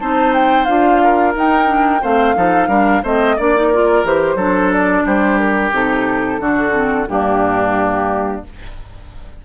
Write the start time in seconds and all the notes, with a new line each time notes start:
0.00 C4 D#4 C5 A5
0.34 G5
0.65 D4 F4 F5
1.04 A#4
1.34 D#4 G5
1.66 D4
2.02 A3 C4 C5 F5
2.36 F3 D#4 A4
2.68 G3 D4 A#4
3.03 A3 C4 C5 D#5
3.36 A#3 D4 D5
3.56 D#4
3.68 F4 A#4
4.04 E3 G4 C5
4.35 F#3 D4 A4
4.73 D5
5.06 G3 G4 C5
5.39 A#4
5.72 C3 D#4 A4
6.40 D3 D4 F#4
6.73 C4
7.08 G2 A#3 D4 G4